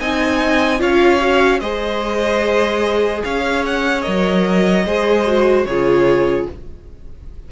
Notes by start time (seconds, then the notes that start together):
0.00 C4 D#4 D#5 G#5
0.79 C#4 F4 C#5 F5
1.21 F#4
1.60 G#3 G#4 C5 D#5
3.24 C#4 C#5 F5
3.66 F#5
4.02 F#3 A#4 D#5
4.86 G#3 G#4 C5
5.27 F#4
5.65 C#3 F4 G#4 C#5